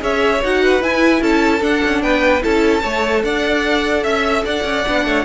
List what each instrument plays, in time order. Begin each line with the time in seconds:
0.00 cello C#4, viola G#4, violin C#5 E5
0.43 cello D#4, viola F#4, violin F#5
0.63 violin B4
0.82 viola E4, cello E4, violin G#5
1.21 cello C#4, violin A4 A5
1.61 viola D4, cello D4, violin F#5
1.85 cello C#4
2.03 cello B3, violin B4 G5
2.42 cello C#4, viola E4, violin A4 A5
2.82 cello A3, viola A4, violin C#5
3.24 cello D4, violin D5 F#5
4.04 cello C#4, violin E5
4.45 cello D4, violin D5 F#5
4.64 cello C#4
4.87 cello B3, viola D4
5.06 cello A3, violin C#5